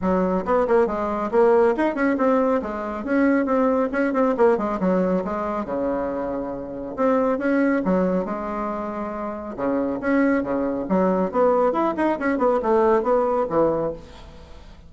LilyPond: \new Staff \with { instrumentName = "bassoon" } { \time 4/4 \tempo 4 = 138 fis4 b8 ais8 gis4 ais4 | dis'8 cis'8 c'4 gis4 cis'4 | c'4 cis'8 c'8 ais8 gis8 fis4 | gis4 cis2. |
c'4 cis'4 fis4 gis4~ | gis2 cis4 cis'4 | cis4 fis4 b4 e'8 dis'8 | cis'8 b8 a4 b4 e4 | }